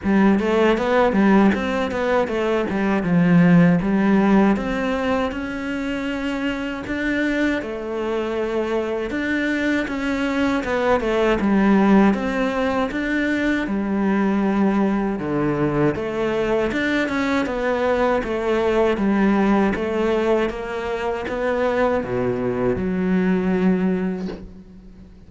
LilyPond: \new Staff \with { instrumentName = "cello" } { \time 4/4 \tempo 4 = 79 g8 a8 b8 g8 c'8 b8 a8 g8 | f4 g4 c'4 cis'4~ | cis'4 d'4 a2 | d'4 cis'4 b8 a8 g4 |
c'4 d'4 g2 | d4 a4 d'8 cis'8 b4 | a4 g4 a4 ais4 | b4 b,4 fis2 | }